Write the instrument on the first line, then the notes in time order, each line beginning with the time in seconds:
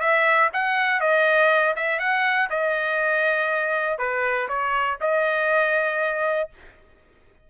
trumpet
0.00 E5
0.53 F#5
1.01 D#5
1.76 E5
1.99 F#5
2.50 D#5
3.98 B4
4.48 C#5
5.01 D#5